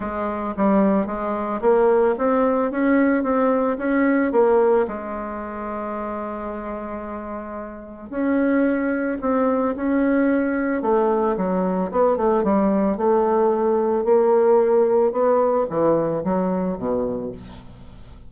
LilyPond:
\new Staff \with { instrumentName = "bassoon" } { \time 4/4 \tempo 4 = 111 gis4 g4 gis4 ais4 | c'4 cis'4 c'4 cis'4 | ais4 gis2.~ | gis2. cis'4~ |
cis'4 c'4 cis'2 | a4 fis4 b8 a8 g4 | a2 ais2 | b4 e4 fis4 b,4 | }